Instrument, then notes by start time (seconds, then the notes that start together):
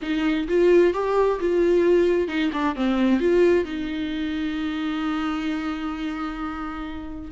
viola
0.01 D#4
0.47 F4
0.93 G4
1.39 F4
2.28 D#4
2.52 D4
2.75 C4
3.20 F4
3.65 D#4